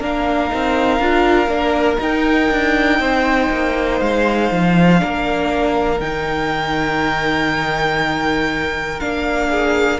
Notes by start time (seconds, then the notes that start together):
0.00 A#3 D4 A#4 F5
0.50 C4 D#4
0.99 D4 F4
1.48 A#3 D4
1.97 D#4 G5
2.50 D4
2.99 C4 C5
3.51 A#3
4.00 G#3 F5
4.51 F3
4.97 A#3 D4 A#4
6.00 D#3 D#4 G5
9.00 A#3 D4 F5
9.49 G#4